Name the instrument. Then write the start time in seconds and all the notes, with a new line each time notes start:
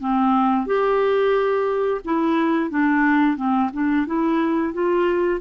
clarinet
0.00 C4
0.66 G4
2.05 E4
2.70 D4
3.37 C4
3.73 D4
4.07 E4
4.74 F4